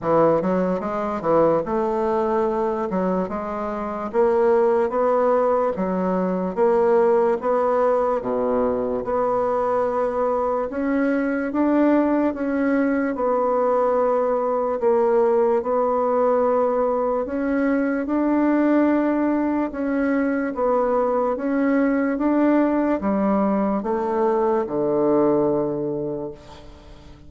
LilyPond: \new Staff \with { instrumentName = "bassoon" } { \time 4/4 \tempo 4 = 73 e8 fis8 gis8 e8 a4. fis8 | gis4 ais4 b4 fis4 | ais4 b4 b,4 b4~ | b4 cis'4 d'4 cis'4 |
b2 ais4 b4~ | b4 cis'4 d'2 | cis'4 b4 cis'4 d'4 | g4 a4 d2 | }